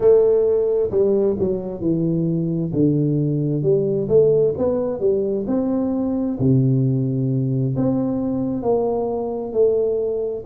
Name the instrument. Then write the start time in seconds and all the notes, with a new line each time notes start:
tuba
0.00 A3
0.90 G3
1.39 F#3
1.80 E3
2.73 D3
3.62 G3
4.08 A3
4.57 B3
5.00 G3
5.47 C4
6.39 C3
7.76 C4
8.62 A#3
9.52 A3